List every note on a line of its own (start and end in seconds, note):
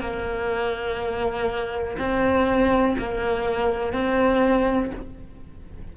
0.00 1.97 A#3
1.98 2.96 C4
2.98 3.93 A#3
3.93 4.91 C4